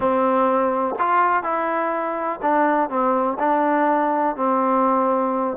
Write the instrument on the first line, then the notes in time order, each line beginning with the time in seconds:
trombone
0.00 C4
0.99 F4
1.43 E4
2.41 D4
2.89 C4
3.39 D4
4.36 C4